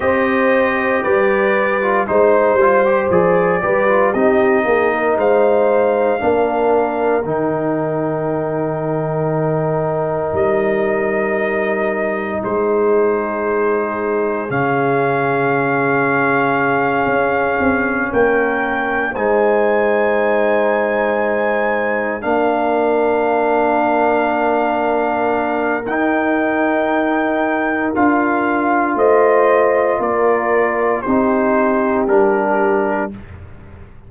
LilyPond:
<<
  \new Staff \with { instrumentName = "trumpet" } { \time 4/4 \tempo 4 = 58 dis''4 d''4 c''4 d''4 | dis''4 f''2 g''4~ | g''2 dis''2 | c''2 f''2~ |
f''4. g''4 gis''4.~ | gis''4. f''2~ f''8~ | f''4 g''2 f''4 | dis''4 d''4 c''4 ais'4 | }
  \new Staff \with { instrumentName = "horn" } { \time 4/4 c''4 b'4 c''4. b'8 | g'8 gis'16 ais'16 c''4 ais'2~ | ais'1 | gis'1~ |
gis'4. ais'4 c''4.~ | c''4. ais'2~ ais'8~ | ais'1 | c''4 ais'4 g'2 | }
  \new Staff \with { instrumentName = "trombone" } { \time 4/4 g'4.~ g'16 f'16 dis'8 f'16 g'16 gis'8 g'16 f'16 | dis'2 d'4 dis'4~ | dis'1~ | dis'2 cis'2~ |
cis'2~ cis'8 dis'4.~ | dis'4. d'2~ d'8~ | d'4 dis'2 f'4~ | f'2 dis'4 d'4 | }
  \new Staff \with { instrumentName = "tuba" } { \time 4/4 c'4 g4 gis8 g8 f8 g8 | c'8 ais8 gis4 ais4 dis4~ | dis2 g2 | gis2 cis2~ |
cis8 cis'8 c'8 ais4 gis4.~ | gis4. ais2~ ais8~ | ais4 dis'2 d'4 | a4 ais4 c'4 g4 | }
>>